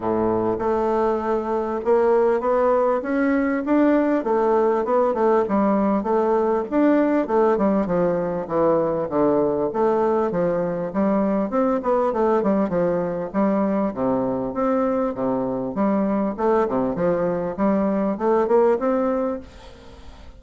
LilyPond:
\new Staff \with { instrumentName = "bassoon" } { \time 4/4 \tempo 4 = 99 a,4 a2 ais4 | b4 cis'4 d'4 a4 | b8 a8 g4 a4 d'4 | a8 g8 f4 e4 d4 |
a4 f4 g4 c'8 b8 | a8 g8 f4 g4 c4 | c'4 c4 g4 a8 c8 | f4 g4 a8 ais8 c'4 | }